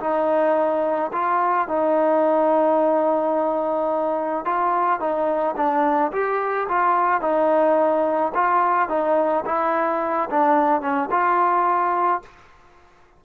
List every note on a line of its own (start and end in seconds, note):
0.00 1.11 D#4
1.12 1.68 F4
1.68 4.45 D#4
4.45 5.00 F4
5.00 5.55 D#4
5.56 6.12 D4
6.12 6.67 G4
6.68 7.21 F4
7.21 8.32 D#4
8.34 8.89 F4
8.89 9.44 D#4
9.46 10.29 E4
10.30 10.81 D4
10.81 11.09 C#4
11.11 12.22 F4